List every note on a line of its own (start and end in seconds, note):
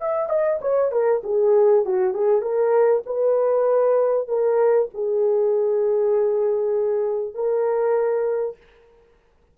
0.00 0.29 E5
0.29 0.59 D#5
0.61 0.91 C#5
0.91 1.22 A#4
1.23 1.85 G#4
1.85 2.13 F#4
2.13 2.41 G#4
2.41 3.03 A#4
3.06 4.28 B4
4.28 4.89 A#4
4.93 7.34 G#4
7.34 8.57 A#4